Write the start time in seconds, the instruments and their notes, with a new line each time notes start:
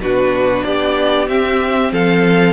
0.00 cello B2, viola D4, violin F#4 B4
0.65 cello B3, violin G4 D5
1.28 viola C4, cello C4, violin E5
1.92 cello F3, violin A4 F5